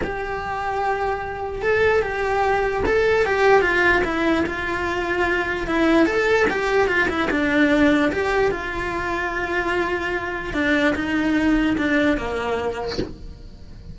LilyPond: \new Staff \with { instrumentName = "cello" } { \time 4/4 \tempo 4 = 148 g'1 | a'4 g'2 a'4 | g'4 f'4 e'4 f'4~ | f'2 e'4 a'4 |
g'4 f'8 e'8 d'2 | g'4 f'2.~ | f'2 d'4 dis'4~ | dis'4 d'4 ais2 | }